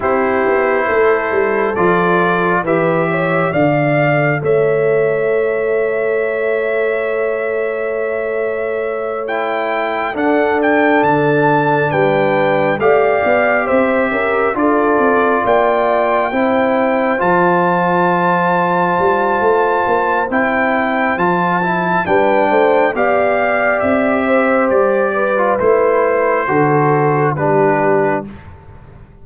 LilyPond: <<
  \new Staff \with { instrumentName = "trumpet" } { \time 4/4 \tempo 4 = 68 c''2 d''4 e''4 | f''4 e''2.~ | e''2~ e''8 g''4 fis''8 | g''8 a''4 g''4 f''4 e''8~ |
e''8 d''4 g''2 a''8~ | a''2. g''4 | a''4 g''4 f''4 e''4 | d''4 c''2 b'4 | }
  \new Staff \with { instrumentName = "horn" } { \time 4/4 g'4 a'2 b'8 cis''8 | d''4 cis''2.~ | cis''2.~ cis''8 a'8~ | a'4. b'4 d''4 c''8 |
ais'8 a'4 d''4 c''4.~ | c''1~ | c''4 b'8 c''8 d''4. c''8~ | c''8 b'4. a'4 g'4 | }
  \new Staff \with { instrumentName = "trombone" } { \time 4/4 e'2 f'4 g'4 | a'1~ | a'2~ a'8 e'4 d'8~ | d'2~ d'8 g'4.~ |
g'8 f'2 e'4 f'8~ | f'2. e'4 | f'8 e'8 d'4 g'2~ | g'8. f'16 e'4 fis'4 d'4 | }
  \new Staff \with { instrumentName = "tuba" } { \time 4/4 c'8 b8 a8 g8 f4 e4 | d4 a2.~ | a2.~ a8 d'8~ | d'8 d4 g4 a8 b8 c'8 |
cis'8 d'8 c'8 ais4 c'4 f8~ | f4. g8 a8 ais8 c'4 | f4 g8 a8 b4 c'4 | g4 a4 d4 g4 | }
>>